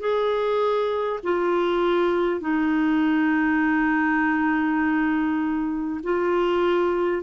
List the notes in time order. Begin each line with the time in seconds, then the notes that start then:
0.00 G#4
1.24 F4
2.41 D#4
6.04 F4